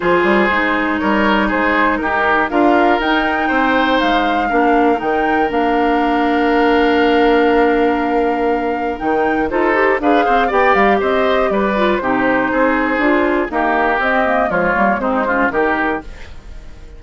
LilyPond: <<
  \new Staff \with { instrumentName = "flute" } { \time 4/4 \tempo 4 = 120 c''2 cis''4 c''4 | ais'4 f''4 g''2 | f''2 g''4 f''4~ | f''1~ |
f''2 g''4 c''4 | f''4 g''8 f''8 dis''4 d''4 | c''2. ais'4 | dis''4 cis''4 c''4 ais'4 | }
  \new Staff \with { instrumentName = "oboe" } { \time 4/4 gis'2 ais'4 gis'4 | g'4 ais'2 c''4~ | c''4 ais'2.~ | ais'1~ |
ais'2. a'4 | b'8 c''8 d''4 c''4 b'4 | g'4 gis'2 g'4~ | g'4 f'4 dis'8 f'8 g'4 | }
  \new Staff \with { instrumentName = "clarinet" } { \time 4/4 f'4 dis'2.~ | dis'4 f'4 dis'2~ | dis'4 d'4 dis'4 d'4~ | d'1~ |
d'2 dis'4 f'8 g'8 | gis'4 g'2~ g'8 f'8 | dis'2 f'4 ais4 | c'8 ais8 gis8 ais8 c'8 cis'8 dis'4 | }
  \new Staff \with { instrumentName = "bassoon" } { \time 4/4 f8 g8 gis4 g4 gis4 | dis'4 d'4 dis'4 c'4 | gis4 ais4 dis4 ais4~ | ais1~ |
ais2 dis4 dis'4 | d'8 c'8 b8 g8 c'4 g4 | c4 c'4 d'4 dis'4 | c'4 f8 g8 gis4 dis4 | }
>>